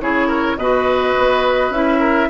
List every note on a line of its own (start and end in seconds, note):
0.00 0.56 C#3
0.00 0.58 E4
0.00 0.27 G#4
0.00 0.58 C#5
0.27 0.56 A#4
0.56 1.14 B2
0.56 1.73 F#4
0.56 1.99 B4
0.56 1.72 D#5
1.18 1.70 B3
1.70 2.28 C#4
1.70 2.30 E4
1.70 2.30 E5
1.99 2.28 A#4